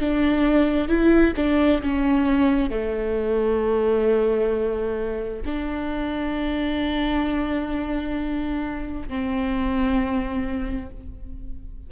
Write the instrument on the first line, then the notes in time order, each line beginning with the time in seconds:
viola
0.00 D4
0.88 E4
1.37 D4
1.83 C#4
2.71 A3
5.46 D4
9.09 C4